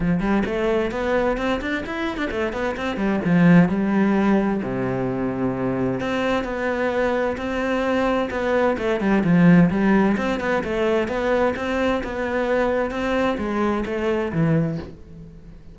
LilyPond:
\new Staff \with { instrumentName = "cello" } { \time 4/4 \tempo 4 = 130 f8 g8 a4 b4 c'8 d'8 | e'8. d'16 a8 b8 c'8 g8 f4 | g2 c2~ | c4 c'4 b2 |
c'2 b4 a8 g8 | f4 g4 c'8 b8 a4 | b4 c'4 b2 | c'4 gis4 a4 e4 | }